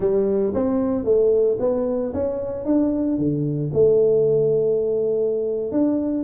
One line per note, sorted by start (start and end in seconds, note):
0.00 0.53 G3
0.53 1.04 C4
1.04 1.57 A3
1.59 2.12 B3
2.13 2.65 C#4
2.65 3.17 D4
3.17 3.70 D3
3.73 5.71 A3
5.71 6.24 D4